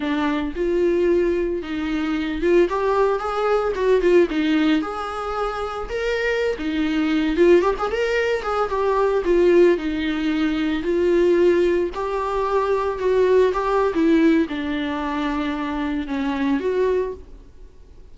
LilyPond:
\new Staff \with { instrumentName = "viola" } { \time 4/4 \tempo 4 = 112 d'4 f'2 dis'4~ | dis'8 f'8 g'4 gis'4 fis'8 f'8 | dis'4 gis'2 ais'4~ | ais'16 dis'4. f'8 g'16 gis'16 ais'4 gis'16~ |
gis'16 g'4 f'4 dis'4.~ dis'16~ | dis'16 f'2 g'4.~ g'16~ | g'16 fis'4 g'8. e'4 d'4~ | d'2 cis'4 fis'4 | }